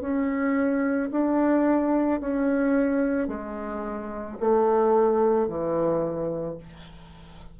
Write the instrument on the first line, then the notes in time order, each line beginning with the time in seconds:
bassoon
0.00 C#4
1.11 D4
2.20 C#4
3.27 G#3
4.39 A3
5.47 E3